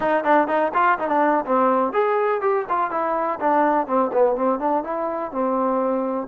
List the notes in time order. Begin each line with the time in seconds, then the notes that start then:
0.00 D#4
0.24 D4
0.47 D#4
0.74 F4
0.98 D#4
1.08 D4
1.45 C4
1.92 G#4
2.41 G4
2.69 F4
2.90 E4
3.40 D4
3.86 C4
4.13 B3
4.35 C4
4.59 D4
4.83 E4
5.31 C4